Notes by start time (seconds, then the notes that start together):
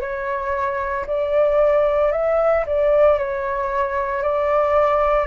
0.00 C#5
1.06 D5
2.12 E5
2.66 D5
3.18 C#5
4.22 D5